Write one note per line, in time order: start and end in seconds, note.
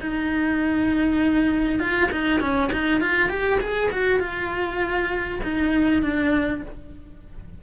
0.00 1.79 D#4
1.79 2.09 F4
2.11 2.40 D#4
2.40 2.70 C#4
2.72 3.00 D#4
3.00 3.29 F4
3.29 3.59 G4
3.60 3.90 G#4
3.91 4.19 F#4
4.19 5.39 F4
5.43 6.02 D#4
6.02 6.62 D4